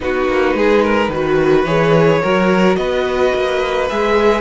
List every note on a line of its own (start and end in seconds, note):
0.00 0.28 B3
0.00 1.11 D#4
0.00 0.56 F#4
0.00 1.65 B4
0.28 0.53 A#3
0.53 1.08 G#3
0.53 0.83 G#4
0.83 1.11 A#4
1.08 1.64 D#3
1.08 1.67 F#4
1.08 2.21 B4
1.64 2.20 E3
1.64 2.22 G#4
1.64 2.76 C#5
2.21 2.76 F#3
2.21 3.89 F#4
2.21 2.77 A#4
2.76 3.32 B3
2.76 4.41 B4
2.76 3.87 D#5
3.34 3.90 A#3
3.89 4.41 G#3
3.89 4.41 G#4
3.89 4.41 E5